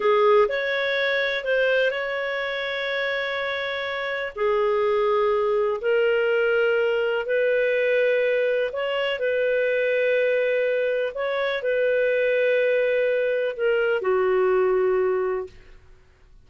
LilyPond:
\new Staff \with { instrumentName = "clarinet" } { \time 4/4 \tempo 4 = 124 gis'4 cis''2 c''4 | cis''1~ | cis''4 gis'2. | ais'2. b'4~ |
b'2 cis''4 b'4~ | b'2. cis''4 | b'1 | ais'4 fis'2. | }